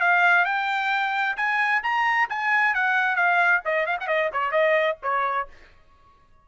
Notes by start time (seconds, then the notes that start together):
0.00 F5
0.45 G5
1.36 G#5
1.83 A#5
2.29 G#5
2.74 F#5
3.15 F5
3.65 D#5
3.86 F5
4.00 F#5
4.07 D#5
4.32 C#5
4.51 D#5
5.02 C#5